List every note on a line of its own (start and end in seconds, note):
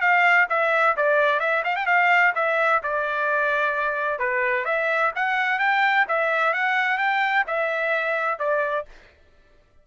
0.00 0.47 F5
0.49 0.96 E5
0.96 1.39 D5
1.39 1.63 E5
1.64 1.76 F5
1.76 1.86 G5
1.86 2.33 F5
2.35 2.81 E5
2.82 4.19 D5
4.19 4.65 B4
4.65 5.11 E5
5.15 5.59 F#5
5.59 6.05 G5
6.08 6.53 E5
6.53 6.98 F#5
6.98 7.44 G5
7.47 8.39 E5
8.39 8.85 D5